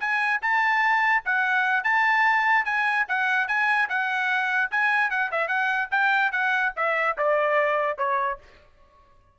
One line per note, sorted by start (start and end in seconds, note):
0.00 0.41 G#5
0.42 1.24 A5
1.25 1.84 F#5
1.84 2.65 A5
2.65 3.06 G#5
3.08 3.48 F#5
3.48 3.89 G#5
3.89 4.71 F#5
4.71 5.11 G#5
5.11 5.31 F#5
5.32 5.48 E5
5.48 5.89 F#5
5.91 6.32 G5
6.32 6.73 F#5
6.77 7.17 E5
7.18 7.98 D5
7.98 8.39 C#5